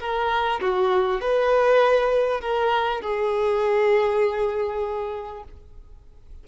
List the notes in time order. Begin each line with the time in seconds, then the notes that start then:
0.00 A#4
0.61 F#4
1.21 B4
2.41 A#4
3.01 G#4